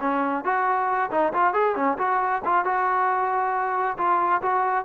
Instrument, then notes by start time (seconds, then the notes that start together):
trombone
0.00 C#4
0.44 F#4
1.10 D#4
1.33 F4
1.54 G#4
1.75 C#4
1.98 F#4
2.44 F4
2.65 F#4
3.97 F4
4.42 F#4